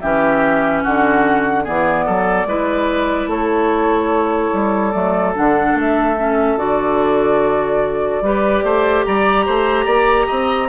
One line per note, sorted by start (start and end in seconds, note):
0.00 0.85 E3
0.00 1.64 C#4
0.00 0.83 G4
0.00 0.82 E5
0.83 1.67 D3
0.83 1.63 F#4
0.83 1.65 F#5
1.63 2.07 E3
1.63 2.47 B3
1.63 2.04 G#4
1.63 3.30 D5
2.05 2.45 F#3
2.05 2.47 A4
2.45 3.26 G#3
2.45 4.92 E4
2.45 3.29 B4
3.26 4.49 A3
3.26 8.22 A4
3.26 4.91 C#5
4.53 4.94 G3
4.91 5.35 F#3
4.91 5.34 A3
4.91 5.32 D5
5.34 5.74 D3
5.34 6.16 D4
5.34 5.77 F#5
5.74 6.56 A3
5.74 6.58 E5
6.17 6.57 C#4
6.57 8.21 D3
6.57 8.22 F#4
6.57 9.04 D5
8.21 8.62 G3
8.21 10.68 G4
8.21 8.64 B4
8.63 9.04 A3
8.63 9.05 C5
9.05 9.47 G3
9.05 9.45 D5
9.05 10.68 A#5
9.45 9.85 A3
9.45 9.85 C5
9.85 10.26 A#3
9.85 10.26 D5
10.26 10.68 C4
10.26 10.67 D#5